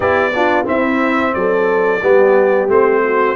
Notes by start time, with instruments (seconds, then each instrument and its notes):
0.00 tuba B3, trombone E4, horn G4, trumpet D5
0.35 trombone D4, horn F4
0.64 trombone C4, tuba C4, horn E4, trumpet E5
1.33 tuba F#3, horn A4, trumpet D5
2.01 tuba G3, trombone B3, horn G4
2.68 tuba A3, trombone C4, trumpet C5
3.04 horn F#4